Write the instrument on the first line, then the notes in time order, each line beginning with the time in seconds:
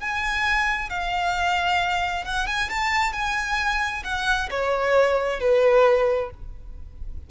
violin
0.00 G#5
0.90 F5
2.25 F#5
2.47 G#5
2.70 A5
3.13 G#5
4.04 F#5
4.51 C#5
5.40 B4